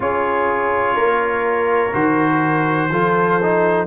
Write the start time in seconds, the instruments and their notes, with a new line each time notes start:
0.00 tuba C#4, trombone F4, horn G#4, trumpet C#5
0.95 tuba A#3, horn A#4
1.93 tuba D#3, trombone F#4, trumpet C5
2.89 tuba F3, trombone F4, horn A4
3.42 trombone D#4